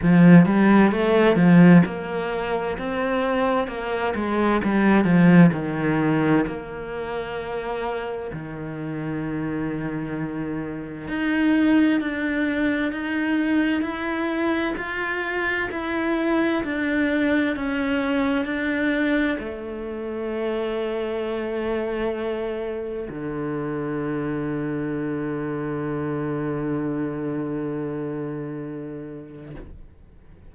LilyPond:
\new Staff \with { instrumentName = "cello" } { \time 4/4 \tempo 4 = 65 f8 g8 a8 f8 ais4 c'4 | ais8 gis8 g8 f8 dis4 ais4~ | ais4 dis2. | dis'4 d'4 dis'4 e'4 |
f'4 e'4 d'4 cis'4 | d'4 a2.~ | a4 d2.~ | d1 | }